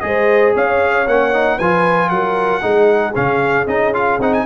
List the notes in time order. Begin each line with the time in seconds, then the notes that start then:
0.00 G#3 G#4 C5 D#5
0.55 C#4 C#5 F5
1.07 A#3 C#4 F#5
1.33 D#4
1.56 F3 F4 B4 G#5
2.09 F#3 A#4 F#5
2.61 G#3 D#4 G#4
3.15 C#3 C#4 F5
3.66 C#4 D#4 D#5
3.94 F4 F5
4.19 C4 D#4 F#5
4.33 G#5